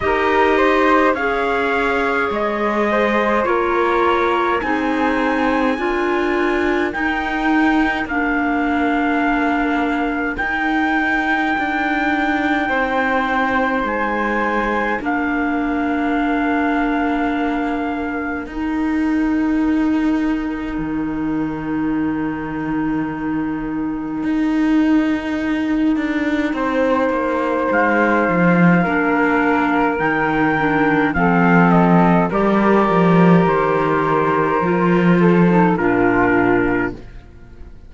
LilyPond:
<<
  \new Staff \with { instrumentName = "trumpet" } { \time 4/4 \tempo 4 = 52 dis''4 f''4 dis''4 cis''4 | gis''2 g''4 f''4~ | f''4 g''2. | gis''4 f''2. |
g''1~ | g''1 | f''2 g''4 f''8 dis''8 | d''4 c''2 ais'4 | }
  \new Staff \with { instrumentName = "flute" } { \time 4/4 ais'8 c''8 cis''4. c''8 ais'4 | gis'4 ais'2.~ | ais'2. c''4~ | c''4 ais'2.~ |
ais'1~ | ais'2. c''4~ | c''4 ais'2 a'4 | ais'2~ ais'8 a'8 f'4 | }
  \new Staff \with { instrumentName = "clarinet" } { \time 4/4 g'4 gis'2 f'4 | dis'4 f'4 dis'4 d'4~ | d'4 dis'2.~ | dis'4 d'2. |
dis'1~ | dis'1~ | dis'4 d'4 dis'8 d'8 c'4 | g'2 f'8. dis'16 d'4 | }
  \new Staff \with { instrumentName = "cello" } { \time 4/4 dis'4 cis'4 gis4 ais4 | c'4 d'4 dis'4 ais4~ | ais4 dis'4 d'4 c'4 | gis4 ais2. |
dis'2 dis2~ | dis4 dis'4. d'8 c'8 ais8 | gis8 f8 ais4 dis4 f4 | g8 f8 dis4 f4 ais,4 | }
>>